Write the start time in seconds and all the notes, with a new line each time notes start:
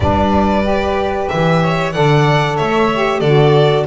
0.00 G3 D4 B4 D5
0.63 G4
1.28 E3 E5
1.62 C#5
1.92 D3 A4 D5 F#5
2.56 A3 C#5 E5
2.93 G4
3.20 D3 F#4 A4 D5